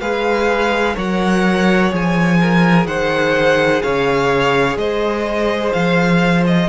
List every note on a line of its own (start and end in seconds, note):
0.00 0.96 G#3
0.00 0.95 G#4
0.00 0.94 B4
0.00 0.95 F5
0.94 1.92 F#3
0.94 1.90 A#4
0.94 2.37 C#5
0.94 1.93 F#5
1.90 2.86 F3
1.90 6.66 G#4
1.90 2.86 G#5
2.40 2.87 A#4
2.86 3.81 D#3
2.86 3.82 C5
2.86 3.82 F#5
3.82 4.76 C#3
3.82 4.77 C#5
3.82 4.77 F5
4.76 5.71 G#3
4.76 6.68 C5
4.76 5.72 D#5
5.72 6.68 F3
5.72 6.43 F5
6.46 6.68 D#5